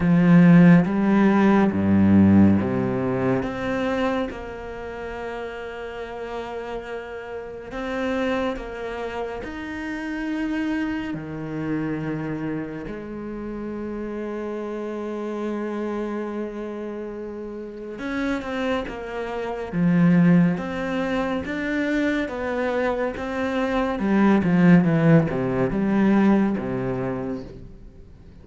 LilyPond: \new Staff \with { instrumentName = "cello" } { \time 4/4 \tempo 4 = 70 f4 g4 g,4 c4 | c'4 ais2.~ | ais4 c'4 ais4 dis'4~ | dis'4 dis2 gis4~ |
gis1~ | gis4 cis'8 c'8 ais4 f4 | c'4 d'4 b4 c'4 | g8 f8 e8 c8 g4 c4 | }